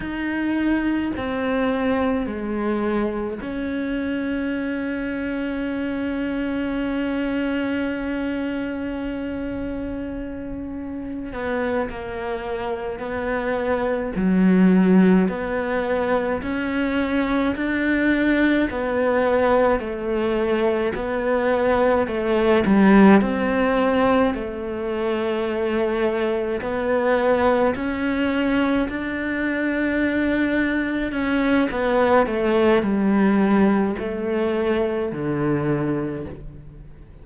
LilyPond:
\new Staff \with { instrumentName = "cello" } { \time 4/4 \tempo 4 = 53 dis'4 c'4 gis4 cis'4~ | cis'1~ | cis'2 b8 ais4 b8~ | b8 fis4 b4 cis'4 d'8~ |
d'8 b4 a4 b4 a8 | g8 c'4 a2 b8~ | b8 cis'4 d'2 cis'8 | b8 a8 g4 a4 d4 | }